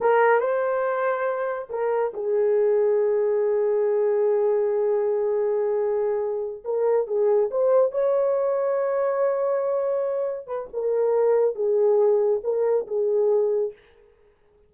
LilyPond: \new Staff \with { instrumentName = "horn" } { \time 4/4 \tempo 4 = 140 ais'4 c''2. | ais'4 gis'2.~ | gis'1~ | gis'2.~ gis'8 ais'8~ |
ais'8 gis'4 c''4 cis''4.~ | cis''1~ | cis''8 b'8 ais'2 gis'4~ | gis'4 ais'4 gis'2 | }